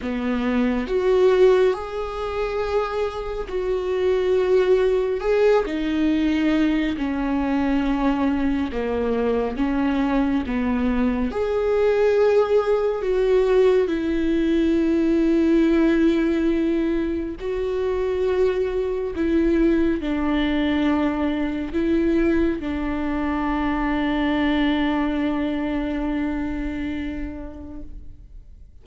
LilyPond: \new Staff \with { instrumentName = "viola" } { \time 4/4 \tempo 4 = 69 b4 fis'4 gis'2 | fis'2 gis'8 dis'4. | cis'2 ais4 cis'4 | b4 gis'2 fis'4 |
e'1 | fis'2 e'4 d'4~ | d'4 e'4 d'2~ | d'1 | }